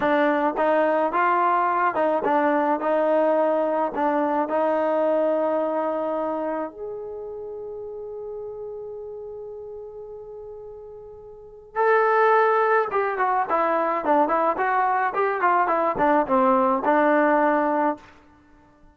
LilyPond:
\new Staff \with { instrumentName = "trombone" } { \time 4/4 \tempo 4 = 107 d'4 dis'4 f'4. dis'8 | d'4 dis'2 d'4 | dis'1 | gis'1~ |
gis'1~ | gis'4 a'2 g'8 fis'8 | e'4 d'8 e'8 fis'4 g'8 f'8 | e'8 d'8 c'4 d'2 | }